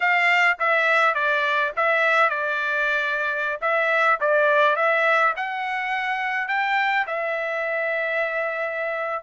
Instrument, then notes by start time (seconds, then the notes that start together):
trumpet
0.00 F5
0.59 E5
1.14 D5
1.76 E5
2.29 D5
3.61 E5
4.20 D5
4.76 E5
5.36 F#5
6.48 G5
7.06 E5